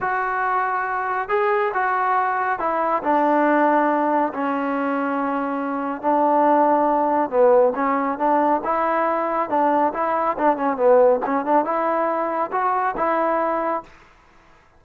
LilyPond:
\new Staff \with { instrumentName = "trombone" } { \time 4/4 \tempo 4 = 139 fis'2. gis'4 | fis'2 e'4 d'4~ | d'2 cis'2~ | cis'2 d'2~ |
d'4 b4 cis'4 d'4 | e'2 d'4 e'4 | d'8 cis'8 b4 cis'8 d'8 e'4~ | e'4 fis'4 e'2 | }